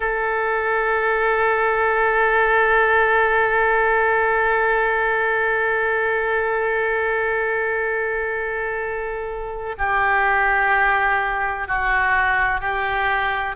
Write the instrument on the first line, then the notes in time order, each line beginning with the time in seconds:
oboe
0.00 A4
9.77 G4
11.67 F#4
12.60 G4